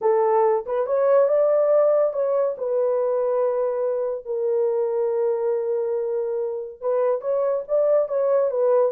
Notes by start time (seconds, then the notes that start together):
0.01 A4
0.66 B4
0.86 C#5
1.28 D5
2.13 C#5
2.57 B4
4.25 A#4
6.80 B4
7.21 C#5
7.68 D5
8.08 C#5
8.50 B4